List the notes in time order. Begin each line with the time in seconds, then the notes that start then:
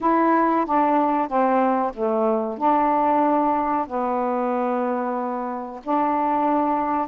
0.01 E4
0.65 D4
1.27 C4
1.94 A3
2.58 D4
3.87 B3
5.83 D4